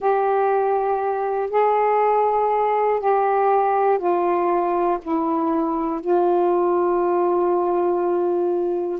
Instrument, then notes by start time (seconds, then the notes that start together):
saxophone
0.00 G4
1.50 G#4
3.00 G4
3.98 F4
5.01 E4
6.00 F4